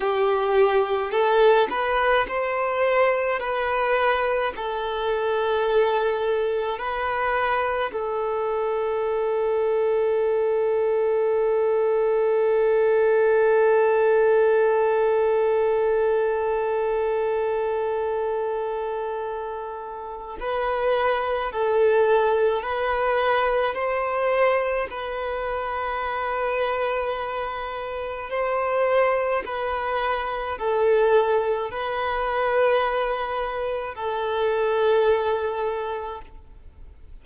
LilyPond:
\new Staff \with { instrumentName = "violin" } { \time 4/4 \tempo 4 = 53 g'4 a'8 b'8 c''4 b'4 | a'2 b'4 a'4~ | a'1~ | a'1~ |
a'2 b'4 a'4 | b'4 c''4 b'2~ | b'4 c''4 b'4 a'4 | b'2 a'2 | }